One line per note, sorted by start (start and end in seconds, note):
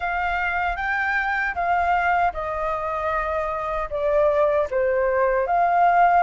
0.00 0.76 F5
0.76 1.54 G5
1.54 2.32 F5
2.33 3.89 D#5
3.90 4.68 D5
4.70 5.47 C5
5.47 6.23 F5